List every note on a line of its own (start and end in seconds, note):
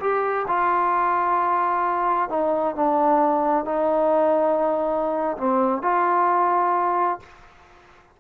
0.00 0.46 G4
0.48 2.29 F4
2.29 2.75 D#4
2.75 3.65 D4
3.65 5.37 D#4
5.37 5.82 C4
5.82 7.19 F4